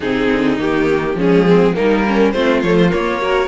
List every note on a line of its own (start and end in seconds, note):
0.00 0.28 C3
0.00 0.58 C4
0.00 1.17 D#4
0.00 0.58 G#4
0.31 0.59 D3
0.58 1.14 D#3
0.58 1.16 A#3
0.58 1.19 G4
1.14 1.72 F3
1.14 1.74 G#3
1.14 1.46 C#4
1.20 1.75 G#4
1.47 1.74 C4
1.74 2.33 G3
1.74 2.32 A#3
1.74 2.06 D#4
1.74 2.31 A#4
2.06 2.35 C#4
2.31 2.62 A3
2.31 2.64 C4
2.31 3.21 F4
2.31 2.60 C5
2.62 2.92 F3
2.62 2.90 A3
2.62 2.76 C#5
2.76 2.90 C5
2.90 3.19 A#3
2.90 3.48 A#3
2.90 3.48 C#5
3.19 3.48 F#4
3.19 3.48 A#4